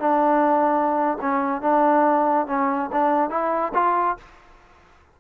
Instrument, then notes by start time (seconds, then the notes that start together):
trombone
0.00 D4
1.21 C#4
1.62 D4
2.47 C#4
2.92 D4
3.30 E4
3.74 F4